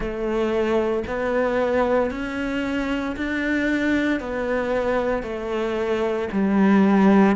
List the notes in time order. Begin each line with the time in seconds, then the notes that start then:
0.00 A3
1.07 B3
2.11 C#4
3.16 D4
4.20 B3
5.22 A3
6.32 G3